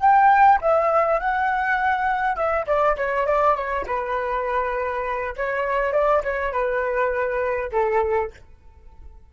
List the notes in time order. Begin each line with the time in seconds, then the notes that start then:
0.00 G5
0.61 E5
1.20 F#5
2.36 E5
2.67 D5
2.97 C#5
3.27 D5
3.56 C#5
3.87 B4
5.37 C#5
5.93 D5
6.24 C#5
6.53 B4
7.72 A4